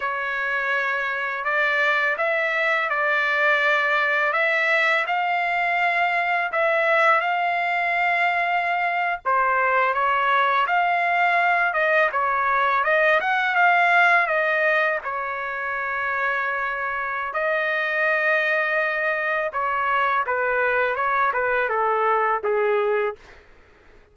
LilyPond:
\new Staff \with { instrumentName = "trumpet" } { \time 4/4 \tempo 4 = 83 cis''2 d''4 e''4 | d''2 e''4 f''4~ | f''4 e''4 f''2~ | f''8. c''4 cis''4 f''4~ f''16~ |
f''16 dis''8 cis''4 dis''8 fis''8 f''4 dis''16~ | dis''8. cis''2.~ cis''16 | dis''2. cis''4 | b'4 cis''8 b'8 a'4 gis'4 | }